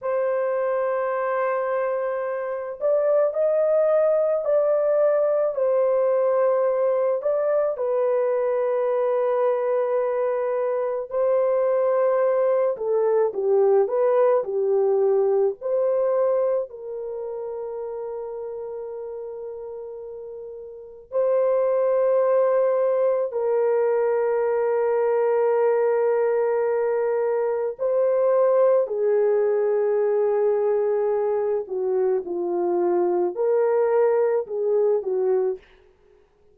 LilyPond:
\new Staff \with { instrumentName = "horn" } { \time 4/4 \tempo 4 = 54 c''2~ c''8 d''8 dis''4 | d''4 c''4. d''8 b'4~ | b'2 c''4. a'8 | g'8 b'8 g'4 c''4 ais'4~ |
ais'2. c''4~ | c''4 ais'2.~ | ais'4 c''4 gis'2~ | gis'8 fis'8 f'4 ais'4 gis'8 fis'8 | }